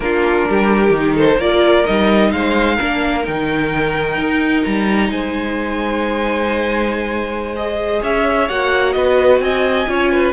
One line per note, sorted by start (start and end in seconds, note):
0.00 0.45 A#3
0.00 0.95 D4
0.00 0.48 F4
0.00 1.16 A#4
0.49 0.90 G3
0.49 1.15 G4
0.90 1.36 D#3
0.96 1.40 D#4
1.15 1.37 A4
1.15 1.41 C5
1.37 1.84 A#3
1.37 1.86 F4
1.37 2.30 A#4
1.37 1.85 D5
1.85 2.32 G3
1.85 2.78 D#4
1.85 2.31 D#5
2.31 2.79 G#3
2.31 2.75 C5
2.31 3.24 F5
2.75 3.27 A#3
2.75 3.23 D4
2.75 5.08 A#4
3.23 4.17 D#3
3.23 7.53 D#4
3.23 4.63 G5
4.17 4.64 D#4
4.63 5.09 G3
4.63 5.10 A#5
5.09 8.00 G#3
5.09 8.01 C5
5.09 7.55 G#5
7.55 8.49 G#4
7.55 8.02 D#5
8.01 8.49 C#4
8.01 8.94 C#5
8.01 8.48 E5
8.48 8.95 A#3
8.48 9.87 F#4
8.48 8.92 F#5
8.92 9.39 B3
8.92 9.43 B4
8.92 9.39 D#5
9.39 9.86 C4
9.39 9.89 D#5
9.39 10.33 G#5
9.87 10.33 C#4
9.87 10.33 F4
9.87 10.12 C#5
10.12 10.33 B4